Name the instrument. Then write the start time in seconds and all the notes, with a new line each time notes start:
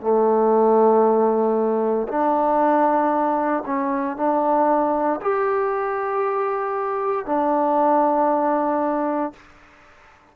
trombone
0.00 A3
2.08 D4
3.65 C#4
4.16 D4
5.21 G4
7.26 D4